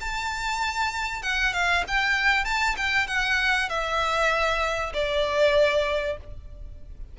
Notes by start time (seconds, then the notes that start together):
0.00 A5
1.22 F#5
1.53 F5
1.87 G5
2.44 A5
2.77 G5
3.07 F#5
3.69 E5
4.93 D5